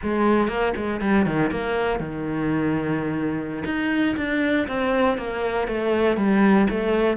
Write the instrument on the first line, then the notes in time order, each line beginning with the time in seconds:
cello
0.02 G#3
0.47 A#3
0.76 G#3
1.00 G3
1.26 D#3
1.51 A#3
1.99 D#3
3.65 D#4
4.16 D4
4.67 C4
5.17 A#3
5.67 A3
6.17 G3
6.69 A3